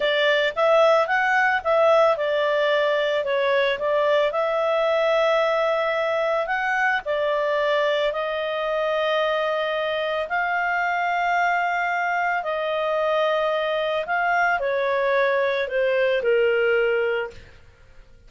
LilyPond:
\new Staff \with { instrumentName = "clarinet" } { \time 4/4 \tempo 4 = 111 d''4 e''4 fis''4 e''4 | d''2 cis''4 d''4 | e''1 | fis''4 d''2 dis''4~ |
dis''2. f''4~ | f''2. dis''4~ | dis''2 f''4 cis''4~ | cis''4 c''4 ais'2 | }